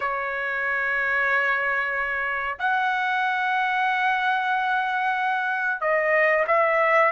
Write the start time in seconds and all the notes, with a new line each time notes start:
0.00 C#5
2.58 F#5
5.80 D#5
6.47 E5